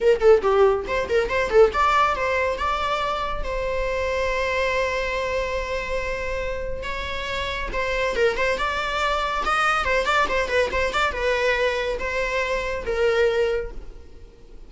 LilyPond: \new Staff \with { instrumentName = "viola" } { \time 4/4 \tempo 4 = 140 ais'8 a'8 g'4 c''8 ais'8 c''8 a'8 | d''4 c''4 d''2 | c''1~ | c''1 |
cis''2 c''4 ais'8 c''8 | d''2 dis''4 c''8 d''8 | c''8 b'8 c''8 d''8 b'2 | c''2 ais'2 | }